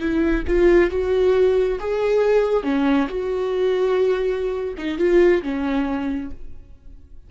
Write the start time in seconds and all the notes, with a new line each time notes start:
0.00 E4
0.48 F4
0.91 F#4
1.80 G#4
2.64 C#4
3.09 F#4
4.78 D#4
4.98 F4
5.43 C#4